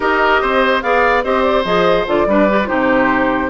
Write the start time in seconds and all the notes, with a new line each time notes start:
0.00 D#4 G4 A#4 D#5
0.41 C4 C5
0.82 B3 G#4 D5 F5
1.23 C4 G4 C5 D#5
1.42 D5
1.64 F3 G#4 D#5
2.06 D3 F4 D5
2.26 G3 D4 B4
2.49 G4
2.64 D#4 F4 G4 C5
2.70 C3